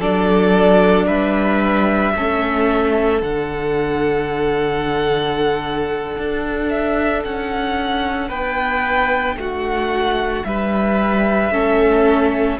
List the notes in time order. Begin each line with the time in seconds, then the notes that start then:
0.00 F#3 D4 A4 D5
1.06 G3 B4 E5
2.15 A3 C#4 A4
3.21 D3 D4 F#5
6.18 D4
6.70 E5
7.24 C#4 F#5
8.29 B3 B4 G5
9.36 A3 F#4 F#5
10.45 G3 B4 E5
11.51 A3 C#4 A4